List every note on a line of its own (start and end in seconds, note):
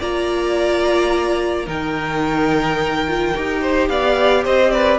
0.00 1.67 A#3
0.00 1.66 F4
0.00 1.66 D5
0.00 1.69 A#5
1.66 3.34 D#3
1.66 3.05 D#4
1.66 3.61 A#4
1.66 3.89 G5
3.08 3.35 F4
3.35 3.89 D#4
3.35 4.99 G4
3.62 3.89 C5
3.89 4.45 B3
3.89 4.44 D5
3.89 4.44 F5
4.44 4.99 C4
4.44 4.72 C5
4.44 4.72 D#5
4.72 4.99 B4
4.72 4.99 D5